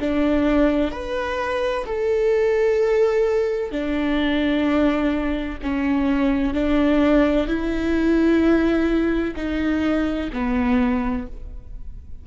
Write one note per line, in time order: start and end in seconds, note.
0.00 0.91 D4
0.91 1.85 B4
1.86 3.71 A4
3.71 5.59 D4
5.62 6.54 C#4
6.54 7.47 D4
7.47 9.35 E4
9.36 10.30 D#4
10.33 11.27 B3